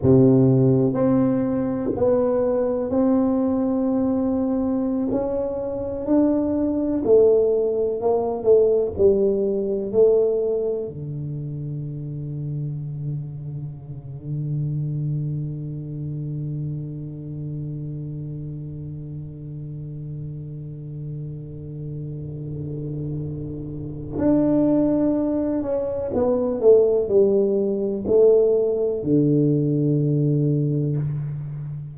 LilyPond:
\new Staff \with { instrumentName = "tuba" } { \time 4/4 \tempo 4 = 62 c4 c'4 b4 c'4~ | c'4~ c'16 cis'4 d'4 a8.~ | a16 ais8 a8 g4 a4 d8.~ | d1~ |
d1~ | d1~ | d4 d'4. cis'8 b8 a8 | g4 a4 d2 | }